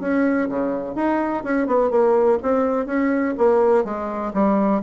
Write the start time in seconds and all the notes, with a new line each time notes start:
0.00 C#4
0.49 C#3
0.95 D#4
1.43 C#4
1.67 B3
1.90 A#3
2.43 C4
2.86 C#4
3.38 A#3
3.84 G#3
4.34 G3